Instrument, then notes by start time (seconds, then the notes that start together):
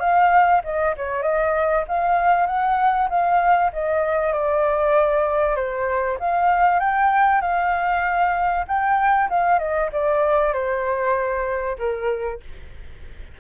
flute
0.00 F5
0.64 D#5
0.97 C#5
1.23 D#5
1.88 F5
2.47 F#5
3.10 F5
3.73 D#5
4.33 D5
5.56 C5
6.20 F5
6.80 G5
7.41 F5
8.68 G5
9.30 F5
9.59 D#5
9.93 D5
10.53 C5
11.78 A#4